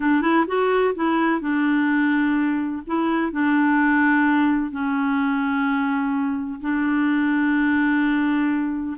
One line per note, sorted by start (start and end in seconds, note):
0.00 0.21 D4
0.21 0.45 E4
0.47 0.94 F#4
0.94 1.40 E4
1.40 2.82 D4
2.86 3.32 E4
3.32 4.71 D4
4.71 6.60 C#4
6.60 8.96 D4